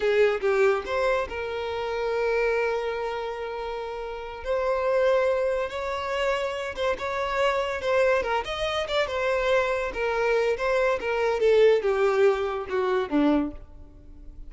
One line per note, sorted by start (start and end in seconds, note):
0.00 0.40 G#4
0.41 0.83 G4
0.85 1.28 C5
1.28 4.43 A#4
4.43 5.69 C5
5.69 6.75 C#5
6.75 6.96 C5
6.98 7.81 C#5
7.81 8.22 C5
8.22 8.44 A#4
8.44 8.87 D#5
8.88 9.07 D5
9.07 9.91 C5
9.93 10.57 A#4
10.57 10.99 C5
11.00 11.40 A#4
11.40 11.82 A4
11.82 12.66 G4
12.69 13.09 F#4
13.09 13.51 D4